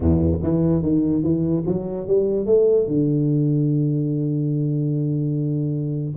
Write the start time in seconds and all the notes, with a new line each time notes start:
0.00 E2
0.42 E3
0.82 D#3
1.23 E3
1.66 F#3
2.07 G3
2.46 A3
2.87 D3